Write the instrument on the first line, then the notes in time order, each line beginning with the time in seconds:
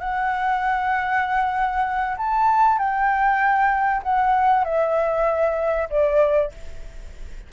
flute
0.00 F#5
2.17 A5
2.78 G5
4.03 F#5
4.64 E5
5.90 D5